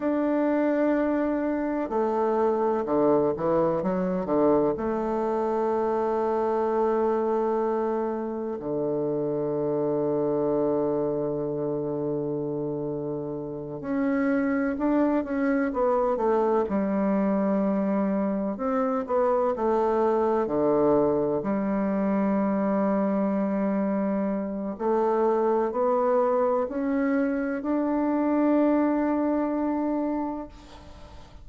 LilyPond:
\new Staff \with { instrumentName = "bassoon" } { \time 4/4 \tempo 4 = 63 d'2 a4 d8 e8 | fis8 d8 a2.~ | a4 d2.~ | d2~ d8 cis'4 d'8 |
cis'8 b8 a8 g2 c'8 | b8 a4 d4 g4.~ | g2 a4 b4 | cis'4 d'2. | }